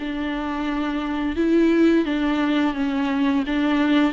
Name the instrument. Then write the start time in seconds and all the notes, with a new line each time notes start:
viola
0.00 D4
1.36 E4
2.05 D4
2.74 C#4
3.47 D4